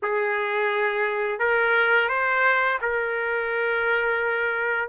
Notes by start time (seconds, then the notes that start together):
0.02 G#4
1.39 A#4
2.09 C5
2.81 A#4